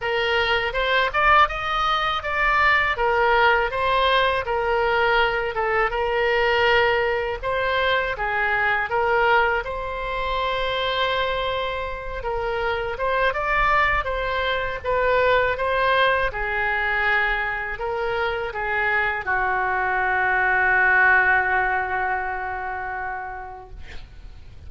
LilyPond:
\new Staff \with { instrumentName = "oboe" } { \time 4/4 \tempo 4 = 81 ais'4 c''8 d''8 dis''4 d''4 | ais'4 c''4 ais'4. a'8 | ais'2 c''4 gis'4 | ais'4 c''2.~ |
c''8 ais'4 c''8 d''4 c''4 | b'4 c''4 gis'2 | ais'4 gis'4 fis'2~ | fis'1 | }